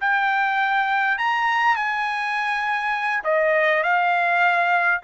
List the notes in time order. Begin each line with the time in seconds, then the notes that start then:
0.00 G5
1.17 A#5
1.76 G#5
3.24 D#5
3.83 F5